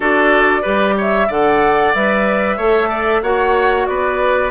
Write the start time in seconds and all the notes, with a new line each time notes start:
0.00 D4 F#4 A4 D5
0.62 G3 G4 B4
0.97 C#5 E5
1.27 D3 A4 D5 F#5
1.94 G3 B4 E5
2.57 A3 A4 C#5
2.89 D5
3.22 A#3 F#4 C#5 F#5
3.86 B3 B4 D5